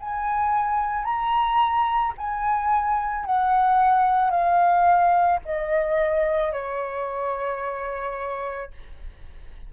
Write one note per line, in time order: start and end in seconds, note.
0.00 1.05 G#5
1.05 2.14 A#5
2.18 3.25 G#5
3.25 4.30 F#5
4.30 5.40 F5
5.45 6.53 D#5
6.53 8.71 C#5